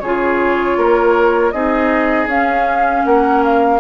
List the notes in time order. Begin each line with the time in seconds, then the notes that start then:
0.00 C#3 F4 G#4 C#5
0.77 A#3 A#4
1.51 C4 D#4 G#4 D#5
2.26 C#4 F5
3.05 A#3 A#4 F#5
3.44 F5